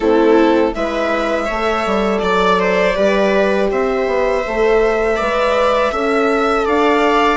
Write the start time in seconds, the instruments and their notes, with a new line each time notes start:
0.00 bassoon A3, horn C4, viola E4, violin A4
0.72 bassoon G#3, horn E4, viola B4, violin E5
1.45 bassoon A3, viola C#5
1.51 horn A4
1.86 bassoon G3
2.19 bassoon F#3, violin D5, viola D5
2.59 viola C5
2.95 bassoon G3, horn G4, viola B4
3.70 bassoon C4, viola C5, violin E5
4.06 bassoon B3
4.46 bassoon A3, horn A4
5.16 bassoon G#3, horn B4, viola D5
5.91 bassoon C#4, horn A4, viola E5
6.65 bassoon D4, viola D5, violin F5